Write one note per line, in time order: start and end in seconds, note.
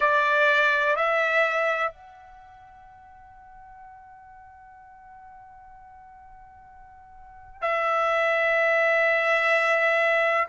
0.00 0.95 D5
0.95 1.90 E5
1.90 7.61 F#5
7.61 10.47 E5